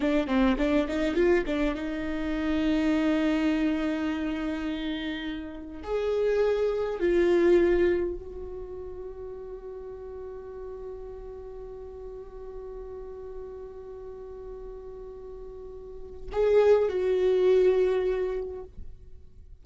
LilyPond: \new Staff \with { instrumentName = "viola" } { \time 4/4 \tempo 4 = 103 d'8 c'8 d'8 dis'8 f'8 d'8 dis'4~ | dis'1~ | dis'2 gis'2 | f'2 fis'2~ |
fis'1~ | fis'1~ | fis'1 | gis'4 fis'2. | }